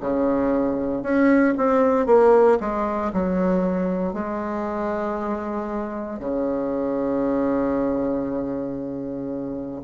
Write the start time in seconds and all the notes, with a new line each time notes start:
0.00 C#3
1.03 C#4
1.57 C4
2.06 A#3
2.60 G#3
3.13 F#3
4.13 G#3
6.19 C#3